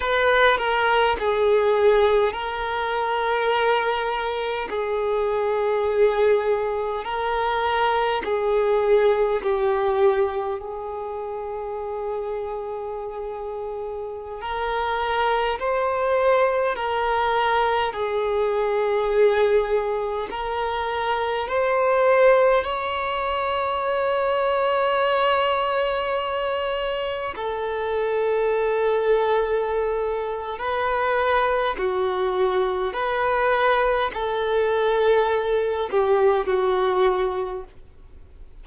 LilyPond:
\new Staff \with { instrumentName = "violin" } { \time 4/4 \tempo 4 = 51 b'8 ais'8 gis'4 ais'2 | gis'2 ais'4 gis'4 | g'4 gis'2.~ | gis'16 ais'4 c''4 ais'4 gis'8.~ |
gis'4~ gis'16 ais'4 c''4 cis''8.~ | cis''2.~ cis''16 a'8.~ | a'2 b'4 fis'4 | b'4 a'4. g'8 fis'4 | }